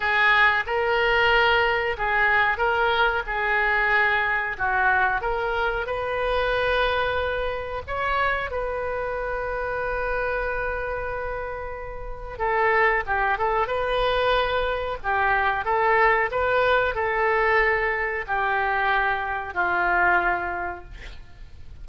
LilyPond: \new Staff \with { instrumentName = "oboe" } { \time 4/4 \tempo 4 = 92 gis'4 ais'2 gis'4 | ais'4 gis'2 fis'4 | ais'4 b'2. | cis''4 b'2.~ |
b'2. a'4 | g'8 a'8 b'2 g'4 | a'4 b'4 a'2 | g'2 f'2 | }